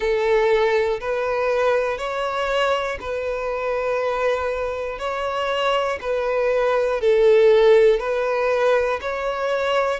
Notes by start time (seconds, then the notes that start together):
0.00 A4
1.00 B4
1.98 C#5
3.00 B4
4.99 C#5
6.01 B4
7.00 A4
8.00 B4
9.00 C#5